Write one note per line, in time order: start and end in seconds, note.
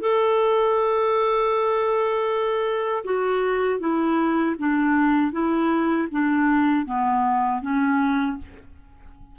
0.00 3.04 A4
3.04 3.79 F#4
3.79 4.55 E4
4.58 5.32 D4
5.32 6.08 E4
6.11 6.85 D4
6.85 7.61 B3
7.61 8.37 C#4